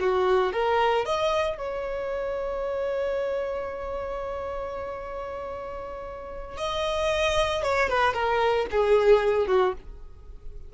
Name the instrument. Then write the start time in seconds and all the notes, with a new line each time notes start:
violin
0.00 F#4
0.53 A#4
1.05 D#5
1.58 C#5
6.58 D#5
7.63 C#5
7.89 B4
8.13 A#4
8.71 G#4
9.47 F#4